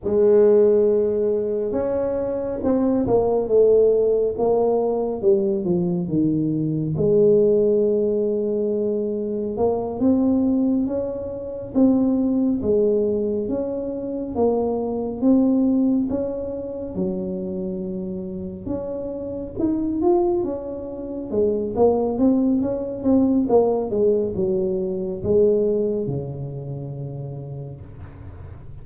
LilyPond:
\new Staff \with { instrumentName = "tuba" } { \time 4/4 \tempo 4 = 69 gis2 cis'4 c'8 ais8 | a4 ais4 g8 f8 dis4 | gis2. ais8 c'8~ | c'8 cis'4 c'4 gis4 cis'8~ |
cis'8 ais4 c'4 cis'4 fis8~ | fis4. cis'4 dis'8 f'8 cis'8~ | cis'8 gis8 ais8 c'8 cis'8 c'8 ais8 gis8 | fis4 gis4 cis2 | }